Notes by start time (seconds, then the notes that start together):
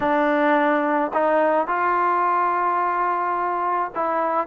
0.00 D4
1.13 D#4
1.67 F4
3.95 E4